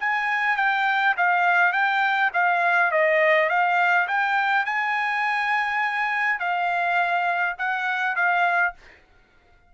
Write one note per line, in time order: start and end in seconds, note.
0.00 0.57 G#5
0.57 1.15 G5
1.17 1.73 F5
1.73 2.31 G5
2.34 2.92 F5
2.92 3.50 D#5
3.50 4.08 F5
4.08 4.66 G5
4.66 6.40 G#5
6.40 7.56 F5
7.58 8.16 F#5
8.16 8.74 F5